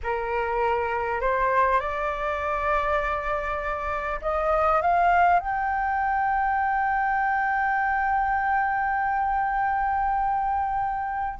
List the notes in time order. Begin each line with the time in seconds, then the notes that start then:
0.03 A#4
1.20 C5
1.79 D5
4.21 D#5
4.81 F5
5.39 G5